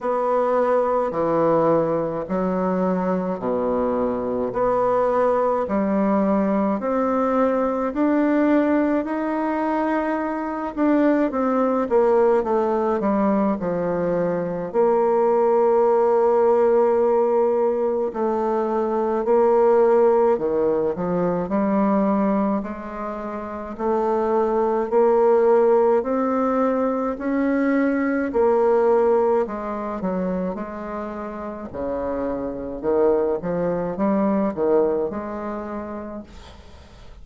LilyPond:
\new Staff \with { instrumentName = "bassoon" } { \time 4/4 \tempo 4 = 53 b4 e4 fis4 b,4 | b4 g4 c'4 d'4 | dis'4. d'8 c'8 ais8 a8 g8 | f4 ais2. |
a4 ais4 dis8 f8 g4 | gis4 a4 ais4 c'4 | cis'4 ais4 gis8 fis8 gis4 | cis4 dis8 f8 g8 dis8 gis4 | }